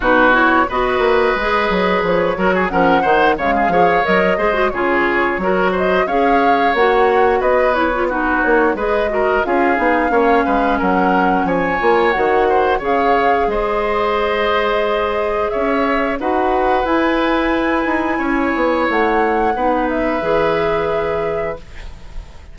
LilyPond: <<
  \new Staff \with { instrumentName = "flute" } { \time 4/4 \tempo 4 = 89 b'8 cis''8 dis''2 cis''4 | fis''4 f''4 dis''4 cis''4~ | cis''8 dis''8 f''4 fis''4 dis''8 cis''8 | b'8 cis''8 dis''4 f''2 |
fis''4 gis''4 fis''4 f''4 | dis''2. e''4 | fis''4 gis''2. | fis''4. e''2~ e''8 | }
  \new Staff \with { instrumentName = "oboe" } { \time 4/4 fis'4 b'2~ b'8 ais'16 gis'16 | ais'8 c''8 cis''16 gis'16 cis''4 c''8 gis'4 | ais'8 c''8 cis''2 b'4 | fis'4 b'8 ais'8 gis'4 cis''8 b'8 |
ais'4 cis''4. c''8 cis''4 | c''2. cis''4 | b'2. cis''4~ | cis''4 b'2. | }
  \new Staff \with { instrumentName = "clarinet" } { \time 4/4 dis'8 e'8 fis'4 gis'4. fis'8 | cis'8 dis'8 gis8 gis'8 ais'8 gis'16 fis'16 f'4 | fis'4 gis'4 fis'4. e'16 f'16 | dis'4 gis'8 fis'8 f'8 dis'8 cis'4~ |
cis'4. f'8 fis'4 gis'4~ | gis'1 | fis'4 e'2.~ | e'4 dis'4 gis'2 | }
  \new Staff \with { instrumentName = "bassoon" } { \time 4/4 b,4 b8 ais8 gis8 fis8 f8 fis8 | f8 dis8 cis8 f8 fis8 gis8 cis4 | fis4 cis'4 ais4 b4~ | b8 ais8 gis4 cis'8 b8 ais8 gis8 |
fis4 f8 ais8 dis4 cis4 | gis2. cis'4 | dis'4 e'4. dis'8 cis'8 b8 | a4 b4 e2 | }
>>